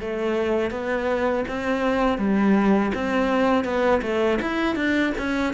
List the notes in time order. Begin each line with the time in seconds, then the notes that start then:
0.00 A3
0.71 B3
1.48 C4
2.18 G3
2.94 C4
3.64 B3
4.02 A3
4.41 E4
4.75 D4
5.18 C#4